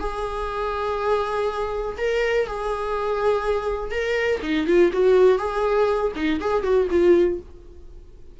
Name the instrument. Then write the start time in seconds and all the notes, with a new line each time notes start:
viola
0.00 G#4
1.98 A#4
2.47 G#4
3.91 A#4
4.43 D#4
4.67 F4
4.93 F#4
5.39 G#4
6.16 D#4
6.40 G#4
6.63 F#4
6.91 F4